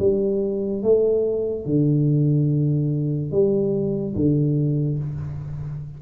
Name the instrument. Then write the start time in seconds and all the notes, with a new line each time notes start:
tuba
0.00 G3
0.83 A3
1.66 D3
3.32 G3
4.16 D3